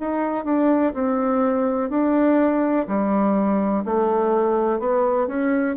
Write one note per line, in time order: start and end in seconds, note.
0.00 0.45 D#4
0.45 0.93 D4
0.94 1.90 C4
1.90 2.87 D4
2.88 3.84 G3
3.85 4.80 A3
4.80 5.28 B3
5.28 5.76 C#4